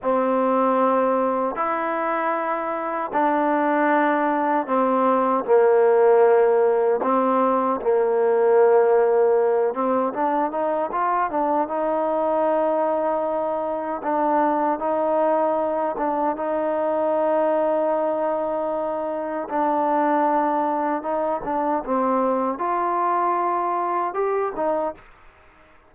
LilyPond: \new Staff \with { instrumentName = "trombone" } { \time 4/4 \tempo 4 = 77 c'2 e'2 | d'2 c'4 ais4~ | ais4 c'4 ais2~ | ais8 c'8 d'8 dis'8 f'8 d'8 dis'4~ |
dis'2 d'4 dis'4~ | dis'8 d'8 dis'2.~ | dis'4 d'2 dis'8 d'8 | c'4 f'2 g'8 dis'8 | }